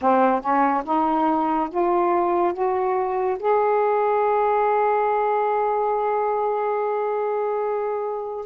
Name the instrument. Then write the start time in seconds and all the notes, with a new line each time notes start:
saxophone
0.01 C4
0.41 C#4
0.84 D#4
1.69 F4
2.53 F#4
3.39 G#4